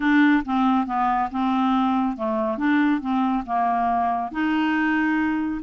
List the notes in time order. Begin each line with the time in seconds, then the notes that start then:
0.00 D4
0.45 C4
0.86 B3
1.31 C4
2.16 A3
2.57 D4
3.01 C4
3.46 A#3
4.31 D#4